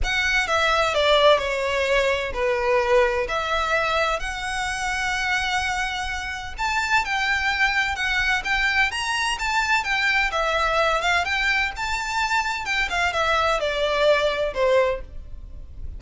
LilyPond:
\new Staff \with { instrumentName = "violin" } { \time 4/4 \tempo 4 = 128 fis''4 e''4 d''4 cis''4~ | cis''4 b'2 e''4~ | e''4 fis''2.~ | fis''2 a''4 g''4~ |
g''4 fis''4 g''4 ais''4 | a''4 g''4 e''4. f''8 | g''4 a''2 g''8 f''8 | e''4 d''2 c''4 | }